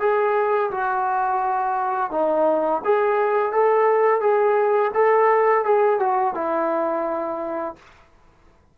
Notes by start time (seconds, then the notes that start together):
0.00 G#4
0.71 F#4
2.11 D#4
2.85 G#4
3.53 A4
4.21 G#4
4.94 A4
5.65 G#4
6.00 F#4
6.35 E4